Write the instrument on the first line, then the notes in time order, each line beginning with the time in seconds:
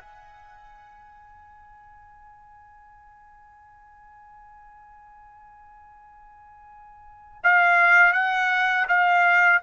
trumpet
0.00 G#5
7.43 F5
8.13 F#5
8.88 F5